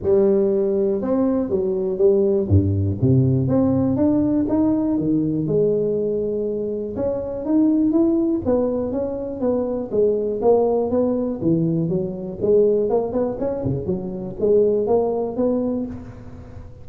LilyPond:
\new Staff \with { instrumentName = "tuba" } { \time 4/4 \tempo 4 = 121 g2 c'4 fis4 | g4 g,4 c4 c'4 | d'4 dis'4 dis4 gis4~ | gis2 cis'4 dis'4 |
e'4 b4 cis'4 b4 | gis4 ais4 b4 e4 | fis4 gis4 ais8 b8 cis'8 cis8 | fis4 gis4 ais4 b4 | }